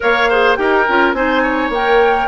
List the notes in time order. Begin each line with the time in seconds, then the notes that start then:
0.00 A#3 A#4 C#5 F5
0.29 G#4 C5
0.56 D#4 G4 A#4 G5
0.87 C#4 F4
1.13 C4 D#4 C5 G#5
1.42 C#5
1.69 A#3 A#4 G5